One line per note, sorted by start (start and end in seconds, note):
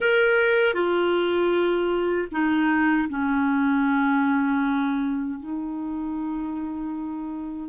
0.00 0.73 A#4
0.73 2.27 F4
2.31 3.08 D#4
3.09 5.39 C#4
5.39 7.69 D#4